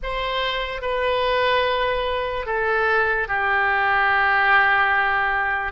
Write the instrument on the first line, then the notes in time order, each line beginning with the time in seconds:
oboe
0.02 C5
0.81 B4
2.46 A4
3.28 G4